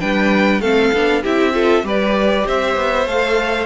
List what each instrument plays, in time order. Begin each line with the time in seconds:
0.00 cello G3, viola D4, violin B4 G5
0.60 cello A3, viola C4, violin A4 F5
0.93 cello B3, viola D4
1.23 cello C4, viola E4, violin G4 E5
1.53 viola F4, violin A4
1.83 cello G3, viola G4, violin B4 D5
2.46 cello C4, violin C5 E5
2.76 cello B3
3.07 cello A3, viola A4, violin F5